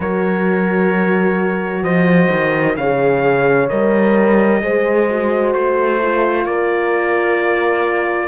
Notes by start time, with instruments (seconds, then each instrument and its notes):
0.00 cello F#3, horn F#4 A#4, trumpet C#5
1.82 cello F3, horn C5, trumpet D#5
2.31 cello D#3
2.76 cello C#3, horn G#4 C#5, trumpet F5
3.69 cello G3, horn A#4, trumpet D#5
4.61 cello G#3, horn G#4 C5
5.09 horn F#4
5.53 cello A3, trumpet C5
6.01 horn F4
6.45 cello A#3, horn A#4, trumpet D5